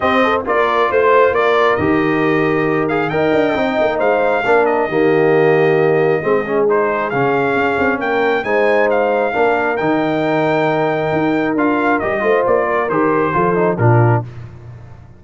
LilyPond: <<
  \new Staff \with { instrumentName = "trumpet" } { \time 4/4 \tempo 4 = 135 dis''4 d''4 c''4 d''4 | dis''2~ dis''8 f''8 g''4~ | g''4 f''4. dis''4.~ | dis''2. c''4 |
f''2 g''4 gis''4 | f''2 g''2~ | g''2 f''4 dis''4 | d''4 c''2 ais'4 | }
  \new Staff \with { instrumentName = "horn" } { \time 4/4 g'8 a'8 ais'4 c''4 ais'4~ | ais'2. dis''4~ | dis''4 c''4 ais'4 g'4~ | g'2 gis'2~ |
gis'2 ais'4 c''4~ | c''4 ais'2.~ | ais'2.~ ais'8 c''8~ | c''8 ais'4. a'4 f'4 | }
  \new Staff \with { instrumentName = "trombone" } { \time 4/4 c'4 f'2. | g'2~ g'8 gis'8 ais'4 | dis'2 d'4 ais4~ | ais2 c'8 cis'8 dis'4 |
cis'2. dis'4~ | dis'4 d'4 dis'2~ | dis'2 f'4 g'8 f'8~ | f'4 g'4 f'8 dis'8 d'4 | }
  \new Staff \with { instrumentName = "tuba" } { \time 4/4 c'4 ais4 a4 ais4 | dis2. dis'8 d'8 | c'8 ais8 gis4 ais4 dis4~ | dis2 gis2 |
cis4 cis'8 c'8 ais4 gis4~ | gis4 ais4 dis2~ | dis4 dis'4 d'4 g8 a8 | ais4 dis4 f4 ais,4 | }
>>